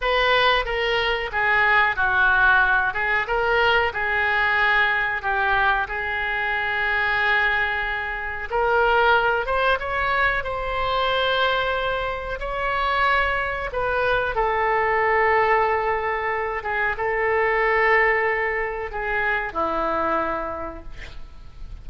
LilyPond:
\new Staff \with { instrumentName = "oboe" } { \time 4/4 \tempo 4 = 92 b'4 ais'4 gis'4 fis'4~ | fis'8 gis'8 ais'4 gis'2 | g'4 gis'2.~ | gis'4 ais'4. c''8 cis''4 |
c''2. cis''4~ | cis''4 b'4 a'2~ | a'4. gis'8 a'2~ | a'4 gis'4 e'2 | }